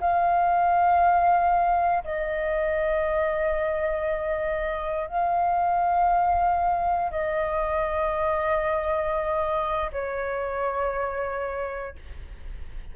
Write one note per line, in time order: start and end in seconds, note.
0.00 2.03 F5
2.04 5.08 D#5
5.08 7.11 F5
7.11 9.91 D#5
9.92 11.95 C#5